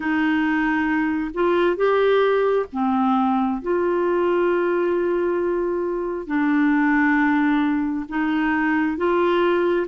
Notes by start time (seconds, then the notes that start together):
0.00 D#4
1.34 F4
1.76 G4
2.72 C4
3.62 F4
6.26 D4
8.08 D#4
8.97 F4